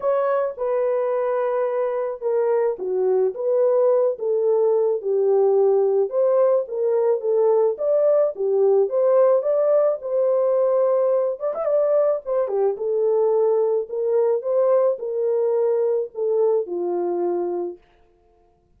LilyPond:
\new Staff \with { instrumentName = "horn" } { \time 4/4 \tempo 4 = 108 cis''4 b'2. | ais'4 fis'4 b'4. a'8~ | a'4 g'2 c''4 | ais'4 a'4 d''4 g'4 |
c''4 d''4 c''2~ | c''8 d''16 e''16 d''4 c''8 g'8 a'4~ | a'4 ais'4 c''4 ais'4~ | ais'4 a'4 f'2 | }